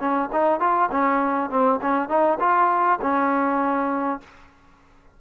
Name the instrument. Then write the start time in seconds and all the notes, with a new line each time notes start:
trombone
0.00 C#4
0.32 D#4
0.60 F4
0.91 C#4
1.50 C4
1.82 C#4
2.09 D#4
2.40 F4
3.02 C#4